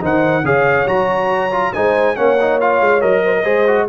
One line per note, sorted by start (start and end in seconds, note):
0.00 0.43 D#3
0.00 0.43 D#4
0.00 0.44 C5
0.00 0.45 F#5
0.43 0.86 C#3
0.43 0.86 G#4
0.43 1.73 C#5
0.43 0.87 F5
0.86 1.73 F#3
0.86 1.50 F#4
0.86 1.73 A#5
1.51 1.73 F4
1.73 2.17 G#3
1.73 2.15 D#4
1.73 2.16 C5
1.73 2.16 G#5
2.15 2.80 A#3
2.15 2.37 C#4
2.15 3.23 C#5
2.15 2.59 F#5
2.40 2.61 D#4
2.60 3.00 F4
2.60 3.01 F5
2.80 3.02 G#3
3.00 3.44 F#3
3.00 3.43 A#4
3.00 3.86 D#5
3.24 3.35 C5
3.36 3.44 A#4
3.44 3.87 G#3
3.44 3.65 G#4
3.44 3.87 C5
3.67 3.88 F#4